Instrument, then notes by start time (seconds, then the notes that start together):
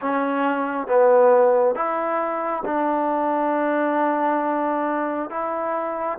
trombone
0.01 C#4
0.87 B3
1.74 E4
2.65 D4
5.29 E4